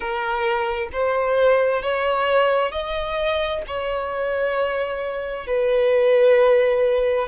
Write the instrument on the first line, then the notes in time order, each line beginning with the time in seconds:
violin
0.00 A#4
0.92 C5
1.82 C#5
2.71 D#5
3.67 C#5
5.47 B4